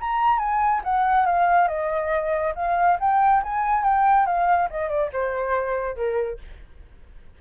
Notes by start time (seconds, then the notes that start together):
0.00 A#5
0.38 G#5
0.84 F#5
1.26 F5
1.68 D#5
2.55 F5
3.00 G5
3.43 G#5
3.83 G5
4.26 F5
4.70 D#5
4.89 D5
5.12 C5
5.96 A#4